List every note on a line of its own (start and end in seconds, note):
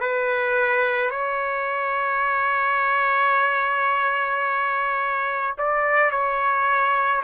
0.00 1.11 B4
1.11 5.55 C#5
5.58 6.11 D5
6.11 7.22 C#5